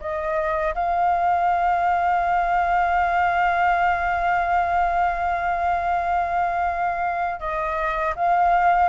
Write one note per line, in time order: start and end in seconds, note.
0.00 0.74 D#5
0.74 7.40 F5
7.40 8.14 D#5
8.16 8.89 F5